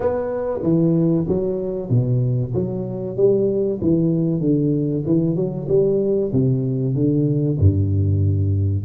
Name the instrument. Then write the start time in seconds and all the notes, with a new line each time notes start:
tuba
0.00 B3
0.63 E3
1.28 F#3
1.89 B2
2.54 F#3
3.16 G3
3.81 E3
4.40 D3
5.06 E3
5.35 F#3
5.68 G3
6.32 C3
6.94 D3
7.59 G2